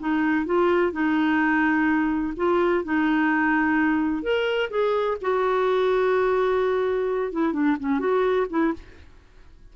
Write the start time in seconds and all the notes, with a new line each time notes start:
0.00 D#4
0.46 F4
0.93 D#4
2.37 F4
2.84 D#4
4.23 A#4
4.71 G#4
5.22 F#4
7.32 E4
7.53 D4
7.80 C#4
8.00 F#4
8.50 E4